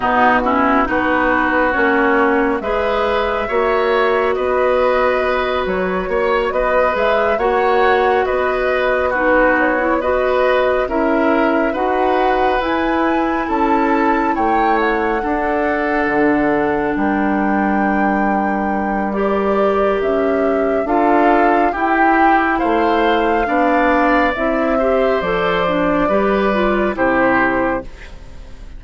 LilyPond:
<<
  \new Staff \with { instrumentName = "flute" } { \time 4/4 \tempo 4 = 69 fis'4 b'4 cis''4 e''4~ | e''4 dis''4. cis''4 dis''8 | e''8 fis''4 dis''4 b'8 cis''8 dis''8~ | dis''8 e''4 fis''4 gis''4 a''8~ |
a''8 g''8 fis''2~ fis''8 g''8~ | g''2 d''4 e''4 | f''4 g''4 f''2 | e''4 d''2 c''4 | }
  \new Staff \with { instrumentName = "oboe" } { \time 4/4 dis'8 e'8 fis'2 b'4 | cis''4 b'2 cis''8 b'8~ | b'8 cis''4 b'4 fis'4 b'8~ | b'8 ais'4 b'2 a'8~ |
a'8 cis''4 a'2 ais'8~ | ais'1 | a'4 g'4 c''4 d''4~ | d''8 c''4. b'4 g'4 | }
  \new Staff \with { instrumentName = "clarinet" } { \time 4/4 b8 cis'8 dis'4 cis'4 gis'4 | fis'1 | gis'8 fis'2 dis'8. e'16 fis'8~ | fis'8 e'4 fis'4 e'4.~ |
e'4. d'2~ d'8~ | d'2 g'2 | f'4 e'2 d'4 | e'8 g'8 a'8 d'8 g'8 f'8 e'4 | }
  \new Staff \with { instrumentName = "bassoon" } { \time 4/4 b,4 b4 ais4 gis4 | ais4 b4. fis8 ais8 b8 | gis8 ais4 b2~ b8~ | b8 cis'4 dis'4 e'4 cis'8~ |
cis'8 a4 d'4 d4 g8~ | g2. cis'4 | d'4 e'4 a4 b4 | c'4 f4 g4 c4 | }
>>